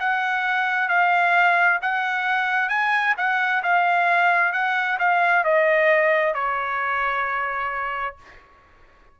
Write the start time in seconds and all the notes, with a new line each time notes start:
0.00 F#5
0.89 F5
1.82 F#5
2.69 G#5
3.17 F#5
3.63 F5
4.53 F#5
4.99 F5
5.44 D#5
6.34 C#5